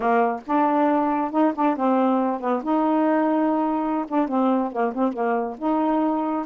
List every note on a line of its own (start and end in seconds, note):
0.00 0.40 A#3
0.46 1.31 D4
1.31 1.52 D#4
1.55 1.76 D4
1.76 2.40 C4
2.40 2.62 B3
2.63 4.05 D#4
4.07 4.28 D4
4.28 4.71 C4
4.71 4.93 A#3
4.94 5.12 C4
5.12 5.56 A#3
5.58 6.45 D#4